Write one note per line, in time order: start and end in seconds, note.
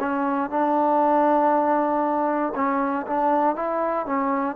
0.00 0.50 C#4
0.50 2.54 D4
2.56 3.06 C#4
3.07 3.56 D4
3.56 4.06 E4
4.06 4.56 C#4